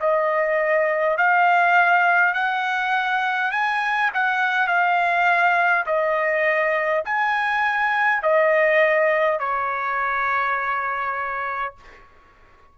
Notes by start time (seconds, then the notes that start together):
0.00 D#5
1.17 F5
2.34 F#5
3.51 G#5
4.14 F#5
4.67 F5
5.86 D#5
7.05 G#5
8.22 D#5
9.40 C#5